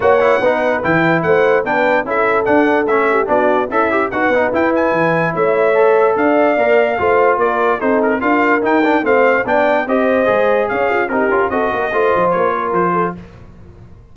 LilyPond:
<<
  \new Staff \with { instrumentName = "trumpet" } { \time 4/4 \tempo 4 = 146 fis''2 g''4 fis''4 | g''4 e''4 fis''4 e''4 | d''4 e''4 fis''4 g''8 gis''8~ | gis''4 e''2 f''4~ |
f''2 d''4 c''8 ais'8 | f''4 g''4 f''4 g''4 | dis''2 f''4 ais'4 | dis''2 cis''4 c''4 | }
  \new Staff \with { instrumentName = "horn" } { \time 4/4 cis''4 b'2 c''4 | b'4 a'2~ a'8 g'8 | fis'4 e'4 b'2~ | b'4 cis''2 d''4~ |
d''4 c''4 ais'4 a'4 | ais'2 c''4 d''4 | c''2 cis''8 f'8 g'4 | a'8 ais'8 c''4. ais'4 a'8 | }
  \new Staff \with { instrumentName = "trombone" } { \time 4/4 fis'8 e'8 dis'4 e'2 | d'4 e'4 d'4 cis'4 | d'4 a'8 g'8 fis'8 dis'8 e'4~ | e'2 a'2 |
ais'4 f'2 dis'4 | f'4 dis'8 d'8 c'4 d'4 | g'4 gis'2 dis'8 f'8 | fis'4 f'2. | }
  \new Staff \with { instrumentName = "tuba" } { \time 4/4 ais4 b4 e4 a4 | b4 cis'4 d'4 a4 | b4 cis'4 dis'8 b8 e'4 | e4 a2 d'4 |
ais4 a4 ais4 c'4 | d'4 dis'4 a4 b4 | c'4 gis4 cis'4 c'8 cis'8 | c'8 ais8 a8 f8 ais4 f4 | }
>>